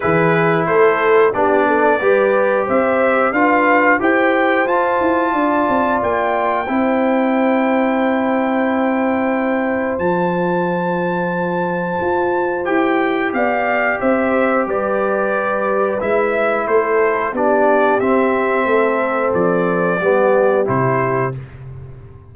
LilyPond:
<<
  \new Staff \with { instrumentName = "trumpet" } { \time 4/4 \tempo 4 = 90 b'4 c''4 d''2 | e''4 f''4 g''4 a''4~ | a''4 g''2.~ | g''2. a''4~ |
a''2. g''4 | f''4 e''4 d''2 | e''4 c''4 d''4 e''4~ | e''4 d''2 c''4 | }
  \new Staff \with { instrumentName = "horn" } { \time 4/4 gis'4 a'4 g'8 a'8 b'4 | c''4 b'4 c''2 | d''2 c''2~ | c''1~ |
c''1 | d''4 c''4 b'2~ | b'4 a'4 g'2 | a'2 g'2 | }
  \new Staff \with { instrumentName = "trombone" } { \time 4/4 e'2 d'4 g'4~ | g'4 f'4 g'4 f'4~ | f'2 e'2~ | e'2. f'4~ |
f'2. g'4~ | g'1 | e'2 d'4 c'4~ | c'2 b4 e'4 | }
  \new Staff \with { instrumentName = "tuba" } { \time 4/4 e4 a4 b4 g4 | c'4 d'4 e'4 f'8 e'8 | d'8 c'8 ais4 c'2~ | c'2. f4~ |
f2 f'4 e'4 | b4 c'4 g2 | gis4 a4 b4 c'4 | a4 f4 g4 c4 | }
>>